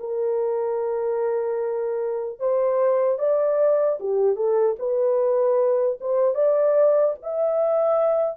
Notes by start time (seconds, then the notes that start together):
0.00 A#4
2.40 C5
3.19 D5
4.00 G4
4.36 A4
4.79 B4
6.01 C5
6.35 D5
7.23 E5